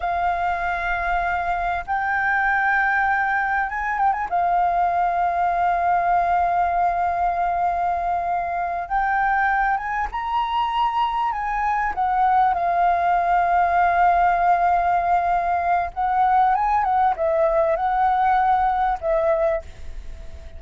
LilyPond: \new Staff \with { instrumentName = "flute" } { \time 4/4 \tempo 4 = 98 f''2. g''4~ | g''2 gis''8 g''16 gis''16 f''4~ | f''1~ | f''2~ f''8 g''4. |
gis''8 ais''2 gis''4 fis''8~ | fis''8 f''2.~ f''8~ | f''2 fis''4 gis''8 fis''8 | e''4 fis''2 e''4 | }